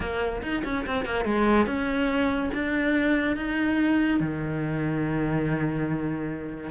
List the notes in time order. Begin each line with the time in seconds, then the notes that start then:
0.00 A#3
0.42 D#4
0.64 C#4
0.86 C4
1.05 A#3
1.25 G#3
1.66 C#4
2.53 D4
3.36 D#4
4.20 D#3